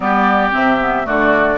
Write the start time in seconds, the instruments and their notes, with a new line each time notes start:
0.00 bassoon G3, clarinet B3, oboe G4, flute D5
0.51 bassoon C3, clarinet C4, flute E5
0.80 clarinet B3
1.03 bassoon D3, clarinet A3, oboe F#4, flute D5